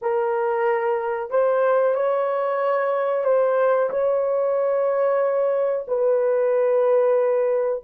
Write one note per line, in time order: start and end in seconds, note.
0.01 1.30 A#4
1.30 1.94 C5
1.94 3.24 C#5
3.24 3.89 C5
3.90 5.85 C#5
5.87 7.83 B4